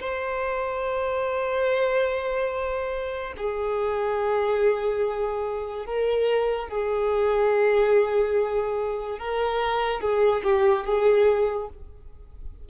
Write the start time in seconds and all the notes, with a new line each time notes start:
0.00 C5
3.37 G#4
5.86 A#4
6.69 G#4
9.19 A#4
10.01 G#4
10.44 G4
10.86 G#4